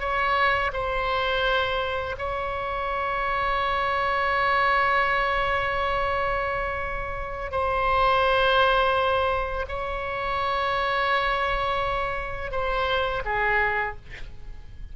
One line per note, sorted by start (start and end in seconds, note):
0.00 0.71 C#5
0.73 2.16 C5
2.18 7.51 C#5
7.51 9.66 C5
9.69 12.51 C#5
12.51 13.23 C5
13.25 13.96 G#4